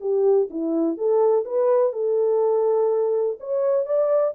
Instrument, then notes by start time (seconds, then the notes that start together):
horn
0.00 G4
0.50 E4
0.97 A4
1.45 B4
1.92 A4
3.40 C#5
3.86 D5